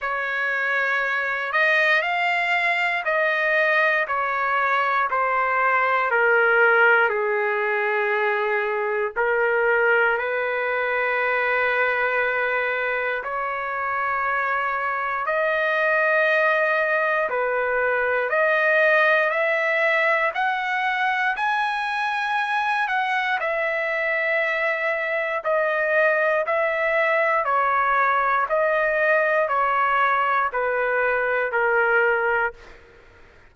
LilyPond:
\new Staff \with { instrumentName = "trumpet" } { \time 4/4 \tempo 4 = 59 cis''4. dis''8 f''4 dis''4 | cis''4 c''4 ais'4 gis'4~ | gis'4 ais'4 b'2~ | b'4 cis''2 dis''4~ |
dis''4 b'4 dis''4 e''4 | fis''4 gis''4. fis''8 e''4~ | e''4 dis''4 e''4 cis''4 | dis''4 cis''4 b'4 ais'4 | }